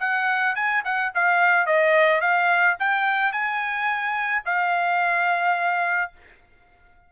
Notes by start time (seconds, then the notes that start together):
0.00 F#5
0.56 G#5
0.85 F#5
1.15 F5
1.66 D#5
2.21 F5
2.80 G5
3.32 G#5
4.45 F5